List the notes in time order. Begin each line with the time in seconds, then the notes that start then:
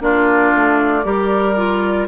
0.00 A#3 D4 F4 D5
0.55 A3
1.04 G3 G4 A#4
1.57 F4